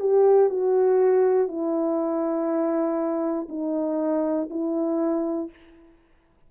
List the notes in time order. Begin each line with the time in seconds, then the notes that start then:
0.00 G4
0.50 F#4
1.49 E4
3.49 D#4
4.50 E4